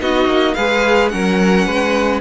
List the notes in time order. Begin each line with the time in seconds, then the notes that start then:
0.00 B3 D#4 F#4 D#5
0.26 A#3
0.54 G#3 G#4 B4 F5
1.09 F#3 C#4 A#4 F#5
1.66 G#3 B4